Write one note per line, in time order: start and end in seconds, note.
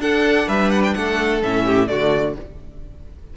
0.00 0.47 D4
0.00 1.42 D4
0.00 0.48 A4
0.00 0.49 F#5
0.48 0.95 G3
0.48 0.95 B4
0.48 0.70 E5
0.70 0.82 F#5
0.84 0.94 G5
0.94 1.43 A3
0.94 1.65 A4
0.94 1.42 F#5
1.43 1.89 A2
1.43 1.88 C#4
1.43 1.88 E5
1.65 1.89 G4
1.88 2.36 D3
1.88 2.35 A3
1.88 2.37 F#4
1.88 2.35 D5